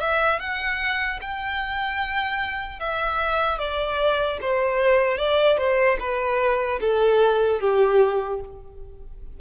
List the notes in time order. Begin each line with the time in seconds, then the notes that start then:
0.00 E5
0.39 F#5
1.21 G5
2.80 E5
3.58 D5
4.41 C5
5.17 D5
5.57 C5
5.99 B4
6.80 A4
7.60 G4